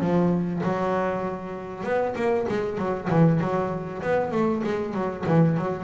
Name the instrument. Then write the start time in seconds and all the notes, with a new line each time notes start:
double bass
0.00 F3
0.64 F#3
1.84 B3
2.16 A#3
2.48 G#3
2.78 F#3
3.10 E3
3.40 F#3
4.02 B3
4.31 A3
4.64 G#3
4.94 F#3
5.26 E3
5.57 F#3